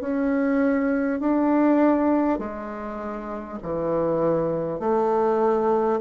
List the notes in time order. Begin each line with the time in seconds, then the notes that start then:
0.00 C#4
1.19 D4
2.38 G#3
3.62 E3
4.79 A3